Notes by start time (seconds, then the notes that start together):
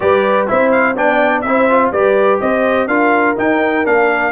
0.00 G3 G4 B4 D5
0.47 C4 E4 C5 E5
0.71 F5
0.95 B3 D4 D5 G5
1.41 C4 E4 C5 E5
1.69 F4
1.91 G3 G4 B4 D5
2.40 C4 C5 D#5
2.87 D4 F4 A#4 F5
3.36 D#4 G5
3.84 A#3 D4 F5